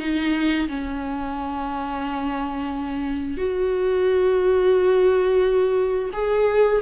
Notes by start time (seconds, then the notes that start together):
0.00 D#4
0.69 C#4
3.38 F#4
6.14 G#4